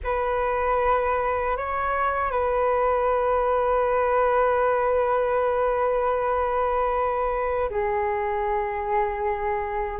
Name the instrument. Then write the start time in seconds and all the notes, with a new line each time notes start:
flute
0.03 B4
1.56 C#5
2.31 B4
7.70 G#4